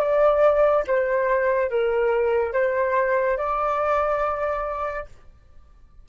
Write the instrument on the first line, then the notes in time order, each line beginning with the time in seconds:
flute
0.00 D5
0.87 C5
1.70 A#4
2.53 C5
3.37 D5